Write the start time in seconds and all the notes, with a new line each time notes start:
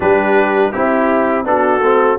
0.00 G3 D4 G4 B4
0.72 C4 E4 G4
1.44 B3 D4 F#4 A4
1.80 A3 C4